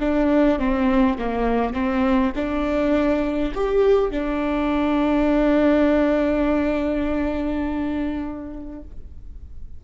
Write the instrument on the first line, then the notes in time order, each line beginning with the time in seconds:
viola
0.00 D4
0.59 C4
1.18 A#3
1.74 C4
2.35 D4
3.55 G4
4.11 D4